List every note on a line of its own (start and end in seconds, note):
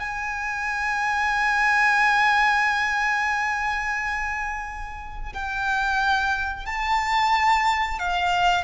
0.00 5.33 G#5
5.34 6.66 G5
6.66 7.99 A5
7.99 8.65 F5